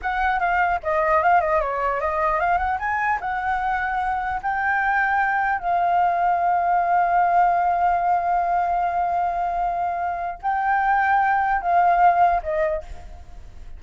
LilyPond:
\new Staff \with { instrumentName = "flute" } { \time 4/4 \tempo 4 = 150 fis''4 f''4 dis''4 f''8 dis''8 | cis''4 dis''4 f''8 fis''8 gis''4 | fis''2. g''4~ | g''2 f''2~ |
f''1~ | f''1~ | f''2 g''2~ | g''4 f''2 dis''4 | }